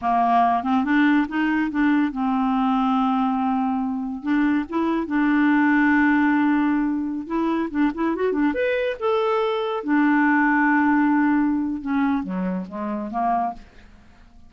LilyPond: \new Staff \with { instrumentName = "clarinet" } { \time 4/4 \tempo 4 = 142 ais4. c'8 d'4 dis'4 | d'4 c'2.~ | c'2 d'4 e'4 | d'1~ |
d'4~ d'16 e'4 d'8 e'8 fis'8 d'16~ | d'16 b'4 a'2 d'8.~ | d'1 | cis'4 fis4 gis4 ais4 | }